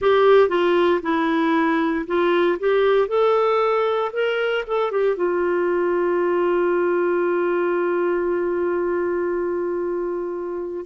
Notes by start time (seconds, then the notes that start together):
0.00 G4
0.48 F4
1.02 E4
2.06 F4
2.59 G4
3.08 A4
4.12 A#4
4.67 A4
4.91 G4
5.16 F4